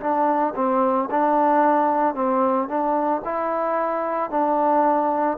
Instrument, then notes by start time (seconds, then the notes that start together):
trombone
0.00 D4
0.56 C4
1.11 D4
2.15 C4
2.68 D4
3.25 E4
4.30 D4